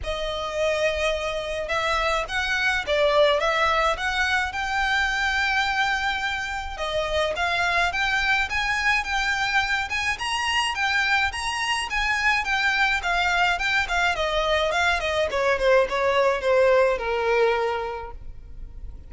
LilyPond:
\new Staff \with { instrumentName = "violin" } { \time 4/4 \tempo 4 = 106 dis''2. e''4 | fis''4 d''4 e''4 fis''4 | g''1 | dis''4 f''4 g''4 gis''4 |
g''4. gis''8 ais''4 g''4 | ais''4 gis''4 g''4 f''4 | g''8 f''8 dis''4 f''8 dis''8 cis''8 c''8 | cis''4 c''4 ais'2 | }